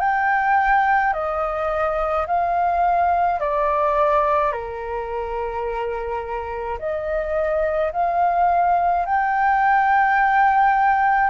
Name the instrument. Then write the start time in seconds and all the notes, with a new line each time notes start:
flute
0.00 G5
1.13 D#5
2.27 F5
3.40 D5
4.52 A#4
6.79 D#5
7.92 F5
9.06 G5